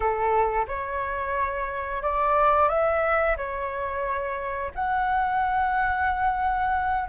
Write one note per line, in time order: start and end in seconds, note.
0.00 0.66 A4
0.67 2.02 C#5
2.02 2.68 D5
2.68 3.36 E5
3.36 4.71 C#5
4.74 7.08 F#5